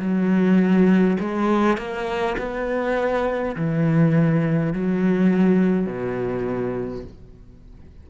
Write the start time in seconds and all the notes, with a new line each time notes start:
0.00 F#3
1.20 G#3
1.78 A#3
2.39 B3
3.56 E3
4.73 F#3
5.87 B2